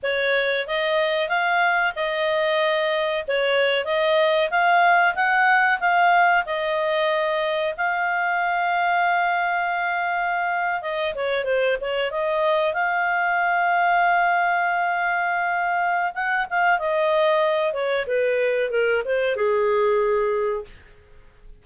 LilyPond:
\new Staff \with { instrumentName = "clarinet" } { \time 4/4 \tempo 4 = 93 cis''4 dis''4 f''4 dis''4~ | dis''4 cis''4 dis''4 f''4 | fis''4 f''4 dis''2 | f''1~ |
f''8. dis''8 cis''8 c''8 cis''8 dis''4 f''16~ | f''1~ | f''4 fis''8 f''8 dis''4. cis''8 | b'4 ais'8 c''8 gis'2 | }